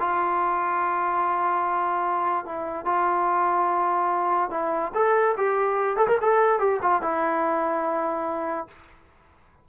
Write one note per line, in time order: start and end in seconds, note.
0.00 2.46 F4
2.46 2.86 E4
2.86 4.51 F4
4.51 4.92 E4
4.95 5.36 A4
5.38 5.97 G4
5.97 6.08 A4
6.08 6.19 A#4
6.22 6.60 A4
6.60 6.81 G4
6.83 7.03 F4
7.03 8.68 E4